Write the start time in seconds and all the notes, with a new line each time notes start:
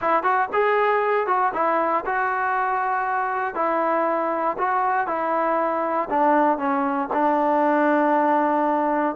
0.01 E4
0.23 F#4
0.52 G#4
1.27 F#4
1.53 E4
2.05 F#4
3.55 E4
4.58 F#4
5.07 E4
6.10 D4
6.58 C#4
7.13 D4